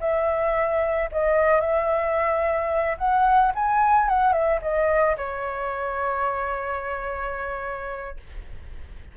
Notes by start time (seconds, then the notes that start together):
0.00 E5
1.12 D#5
1.60 E5
2.98 F#5
3.55 G#5
4.09 F#5
4.32 E5
4.61 D#5
5.17 C#5